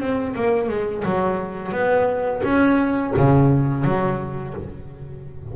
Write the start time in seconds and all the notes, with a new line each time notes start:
0.00 C4
0.36 A#3
0.69 G#3
1.05 F#3
1.72 B3
2.44 C#4
3.16 C#3
3.84 F#3